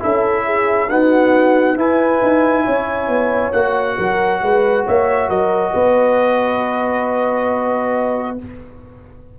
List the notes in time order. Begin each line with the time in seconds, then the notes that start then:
0.00 C#4 E4 A4 E5
0.45 G#4
0.89 B3 D#4 F#4 F#5
1.77 E4 B4 G#5
2.22 D#4
2.64 C#4 C#5
3.08 B3
3.52 A#3 F#4 F#5
3.98 F#3 A#4
4.42 G#3 B4
4.86 A#3 C#5 E5
5.29 F#3 A#4 D#5
5.73 B3 B4